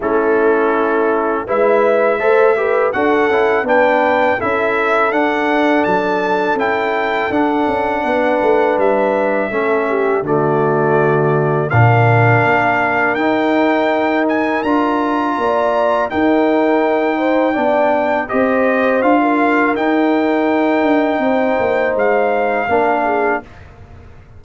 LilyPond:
<<
  \new Staff \with { instrumentName = "trumpet" } { \time 4/4 \tempo 4 = 82 a'2 e''2 | fis''4 g''4 e''4 fis''4 | a''4 g''4 fis''2 | e''2 d''2 |
f''2 g''4. gis''8 | ais''2 g''2~ | g''4 dis''4 f''4 g''4~ | g''2 f''2 | }
  \new Staff \with { instrumentName = "horn" } { \time 4/4 e'2 b'4 c''8 b'8 | a'4 b'4 a'2~ | a'2. b'4~ | b'4 a'8 g'8 fis'2 |
ais'1~ | ais'4 d''4 ais'4. c''8 | d''4 c''4~ c''16 ais'4.~ ais'16~ | ais'4 c''2 ais'8 gis'8 | }
  \new Staff \with { instrumentName = "trombone" } { \time 4/4 cis'2 e'4 a'8 g'8 | fis'8 e'8 d'4 e'4 d'4~ | d'4 e'4 d'2~ | d'4 cis'4 a2 |
d'2 dis'2 | f'2 dis'2 | d'4 g'4 f'4 dis'4~ | dis'2. d'4 | }
  \new Staff \with { instrumentName = "tuba" } { \time 4/4 a2 gis4 a4 | d'8 cis'8 b4 cis'4 d'4 | fis4 cis'4 d'8 cis'8 b8 a8 | g4 a4 d2 |
ais,4 ais4 dis'2 | d'4 ais4 dis'2 | b4 c'4 d'4 dis'4~ | dis'8 d'8 c'8 ais8 gis4 ais4 | }
>>